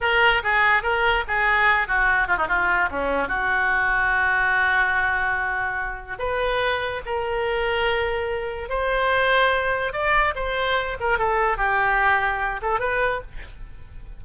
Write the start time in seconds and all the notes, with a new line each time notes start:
0.00 A#4
0.43 G#4
0.82 A#4
1.27 G#4
1.87 F#4
2.27 F4
2.37 D#4
2.47 F4
2.91 C#4
3.28 F#4
6.18 B4
7.05 A#4
8.69 C5
9.92 D5
10.35 C5
11.00 A#4
11.18 A4
11.57 G4
12.62 A4
12.79 B4